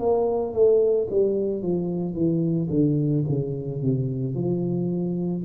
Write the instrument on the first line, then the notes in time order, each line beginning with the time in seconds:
tuba
0.00 A#3
0.54 A3
1.11 G3
1.63 F3
2.14 E3
2.70 D3
3.29 C#3
3.82 C3
4.35 F3